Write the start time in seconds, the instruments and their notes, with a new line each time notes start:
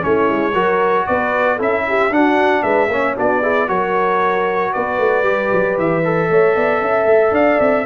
0.00 tuba A3, trombone C#4, horn E4, trumpet C#5
0.29 tuba G#3
0.53 tuba F#3, trombone F#4, horn A#4
1.07 tuba B3, horn B4, trumpet D5
1.56 tuba C#4, trombone E4, horn A4, trumpet E5
1.87 horn G4
2.10 tuba D4, trombone D4, horn F#4, trumpet F#5
2.62 tuba G#3, horn B4, trumpet E5
2.88 tuba A#3, trombone C#4, horn C#5
3.16 tuba B3, trombone D4, horn F#4, trumpet D5
3.41 trombone E4, horn G#4
3.67 tuba F#3, trombone F#4, horn A#4, trumpet C#5
4.73 tuba B3, horn B4, trumpet D5
4.98 tuba A3
5.23 tuba G3, trombone G4
5.52 tuba F#3
5.77 tuba E3, trumpet E5
6.04 trombone A4
6.30 tuba A3, horn C#5
6.55 tuba B3, horn D5
6.81 tuba C#4, horn E5
7.05 tuba A3
7.31 tuba D4, horn D5, trumpet F5
7.60 tuba C4, trumpet E5